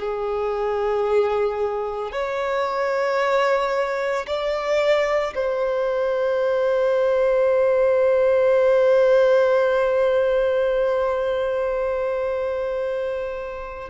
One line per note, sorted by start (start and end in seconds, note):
0.00 2.12 G#4
2.12 4.27 C#5
4.27 5.34 D5
5.35 13.90 C5